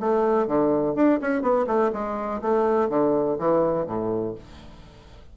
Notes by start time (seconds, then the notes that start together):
0.00 A3
0.47 D3
0.95 D4
1.21 C#4
1.42 B3
1.67 A3
1.93 G#3
2.42 A3
2.89 D3
3.39 E3
3.87 A2